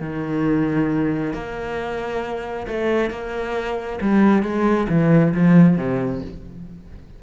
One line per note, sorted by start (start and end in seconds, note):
0.00 1.33 D#3
1.34 2.67 A#3
2.67 3.10 A3
3.10 3.99 A#3
4.01 4.43 G3
4.43 4.87 G#3
4.89 5.33 E3
5.34 5.77 F3
5.77 6.22 C3